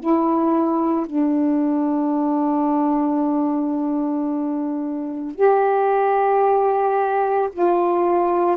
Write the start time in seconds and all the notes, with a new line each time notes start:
0.00 E4
1.07 D4
5.35 G4
7.53 F4